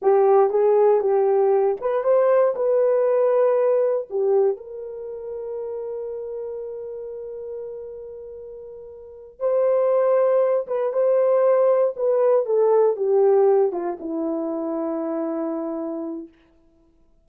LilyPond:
\new Staff \with { instrumentName = "horn" } { \time 4/4 \tempo 4 = 118 g'4 gis'4 g'4. b'8 | c''4 b'2. | g'4 ais'2.~ | ais'1~ |
ais'2~ ais'8 c''4.~ | c''4 b'8 c''2 b'8~ | b'8 a'4 g'4. f'8 e'8~ | e'1 | }